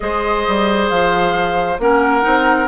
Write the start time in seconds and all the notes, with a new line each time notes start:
0.00 G#3 G#4 C5 D#5
0.47 G3
0.89 F3 F5
1.79 A#3 C#4 A#4 F#5
2.21 C4 D#4